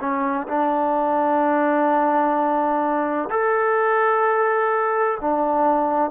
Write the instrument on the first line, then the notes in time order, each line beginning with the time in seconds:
trombone
0.00 C#4
0.48 D4
3.30 A4
5.21 D4